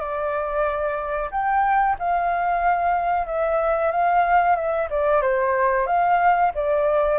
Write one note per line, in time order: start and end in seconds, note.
0.00 1.30 D5
1.31 1.97 G5
2.00 3.27 F5
3.27 3.92 E5
3.92 4.56 F5
4.56 4.89 E5
4.91 5.22 D5
5.22 5.87 C5
5.87 6.52 F5
6.55 7.19 D5